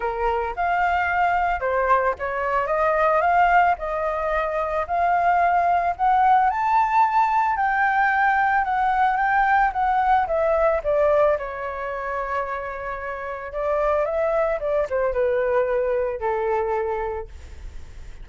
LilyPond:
\new Staff \with { instrumentName = "flute" } { \time 4/4 \tempo 4 = 111 ais'4 f''2 c''4 | cis''4 dis''4 f''4 dis''4~ | dis''4 f''2 fis''4 | a''2 g''2 |
fis''4 g''4 fis''4 e''4 | d''4 cis''2.~ | cis''4 d''4 e''4 d''8 c''8 | b'2 a'2 | }